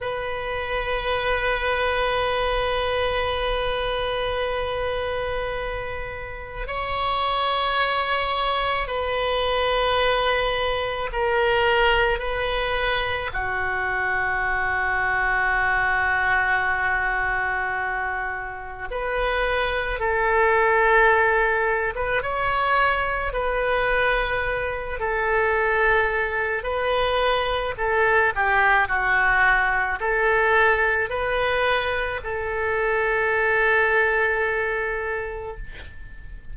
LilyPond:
\new Staff \with { instrumentName = "oboe" } { \time 4/4 \tempo 4 = 54 b'1~ | b'2 cis''2 | b'2 ais'4 b'4 | fis'1~ |
fis'4 b'4 a'4.~ a'16 b'16 | cis''4 b'4. a'4. | b'4 a'8 g'8 fis'4 a'4 | b'4 a'2. | }